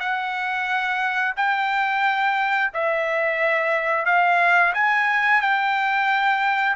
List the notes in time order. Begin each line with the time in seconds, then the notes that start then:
0.00 F#5
1.37 G5
2.74 E5
4.06 F5
4.74 G#5
5.41 G5